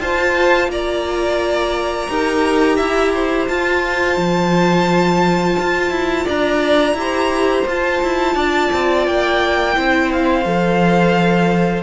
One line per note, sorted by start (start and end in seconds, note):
0.00 0.68 F4
0.00 2.09 F4
0.00 0.71 C5
0.00 0.70 A5
0.68 2.08 A#3
0.68 2.11 D5
0.68 3.49 A#5
2.09 2.78 D#4
2.09 3.48 G4
2.09 2.76 A#4
2.76 3.48 E4
2.76 3.11 E5
3.14 6.25 C5
3.48 6.97 F4
3.48 4.17 F4
3.48 6.28 A5
4.17 5.56 F3
5.59 5.90 F4
5.90 6.25 E4
6.25 6.93 D4
6.25 6.94 D5
6.25 7.68 A#5
6.93 7.63 E4
6.93 7.67 G4
7.00 8.35 C5
7.67 8.02 F4
7.67 9.75 F4
7.67 9.07 A5
8.02 8.35 E4
8.35 8.70 D4
8.35 9.75 D5
8.73 9.07 C4
9.07 9.77 A#3
9.07 10.11 G5
9.75 10.45 C4
9.75 10.44 E4
9.75 11.83 C5
10.12 11.83 F5
10.45 11.83 F3
10.45 11.83 A4